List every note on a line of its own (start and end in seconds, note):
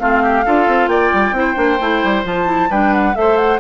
0.00 0.46 A3
0.00 0.45 C4
0.00 0.23 F4
0.00 0.88 F5
0.23 0.45 G4
0.46 0.68 D4
0.46 1.34 F4
0.46 0.91 A4
0.68 0.88 C4
0.88 1.11 A#3
0.88 1.36 D5
0.88 2.24 G5
1.14 1.32 G3
1.32 1.55 C4
1.32 1.56 E4
1.39 2.70 C5
1.56 1.80 A#3
1.56 1.78 D4
1.81 2.04 A3
1.81 2.25 E4
2.04 2.25 G3
2.25 2.70 F3
2.25 2.46 F4
2.25 2.72 A5
2.46 2.69 E4
2.70 3.15 G3
2.70 3.15 D4
2.70 3.16 B4
2.70 2.94 G5
2.94 3.16 F#5
3.15 3.61 A3
3.15 3.60 A4
3.15 3.61 C5
3.15 3.37 E5
3.37 3.60 F#5